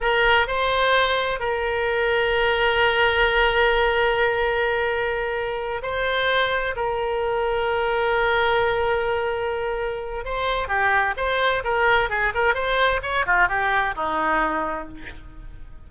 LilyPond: \new Staff \with { instrumentName = "oboe" } { \time 4/4 \tempo 4 = 129 ais'4 c''2 ais'4~ | ais'1~ | ais'1~ | ais'8 c''2 ais'4.~ |
ais'1~ | ais'2 c''4 g'4 | c''4 ais'4 gis'8 ais'8 c''4 | cis''8 f'8 g'4 dis'2 | }